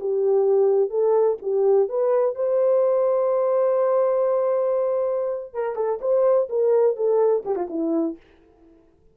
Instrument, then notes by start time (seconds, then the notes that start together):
horn
0.00 G4
0.90 A4
1.42 G4
1.89 B4
2.35 C5
5.54 A#4
5.76 A4
6.01 C5
6.49 A#4
6.96 A4
7.45 G4
7.56 F4
7.69 E4